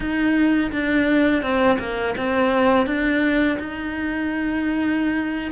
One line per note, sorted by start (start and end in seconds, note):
0.00 0.71 D#4
0.71 1.42 D4
1.42 1.78 C4
1.79 2.14 A#3
2.17 2.86 C4
2.86 3.57 D4
3.59 5.51 D#4